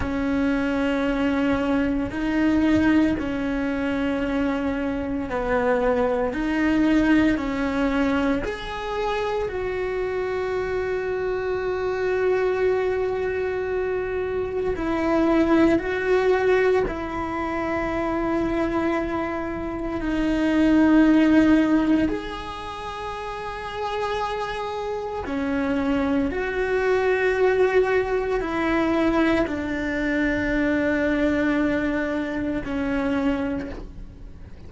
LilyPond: \new Staff \with { instrumentName = "cello" } { \time 4/4 \tempo 4 = 57 cis'2 dis'4 cis'4~ | cis'4 b4 dis'4 cis'4 | gis'4 fis'2.~ | fis'2 e'4 fis'4 |
e'2. dis'4~ | dis'4 gis'2. | cis'4 fis'2 e'4 | d'2. cis'4 | }